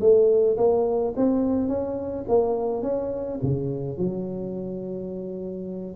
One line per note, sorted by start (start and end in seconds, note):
0.00 0.57 A3
0.57 1.14 A#3
1.16 1.68 C4
1.68 2.25 C#4
2.28 2.82 A#3
2.82 3.39 C#4
3.42 3.97 C#3
3.97 5.95 F#3